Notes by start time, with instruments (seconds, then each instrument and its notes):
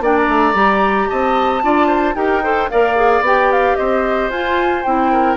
0.00 bassoon A#3, clarinet D4, oboe D5, flute G5
0.17 flute A#5
0.28 bassoon A3
0.54 bassoon G3, clarinet G4
1.09 bassoon C4, oboe D#5, flute A5
1.63 bassoon D4, clarinet F4, oboe D5
1.87 oboe C5
2.15 bassoon D#4, clarinet G4, oboe A#4, flute G5
2.43 clarinet A4, oboe C5
2.69 bassoon A#3, clarinet A#4, oboe D5, flute F5
2.96 clarinet G#4
3.20 bassoon B3, clarinet G4, flute G5
3.52 flute F5
3.76 bassoon C4, oboe C5, flute D#5
4.29 bassoon F4, clarinet F4, flute G#5
4.83 bassoon C4, clarinet E4, flute G5
5.12 oboe A#4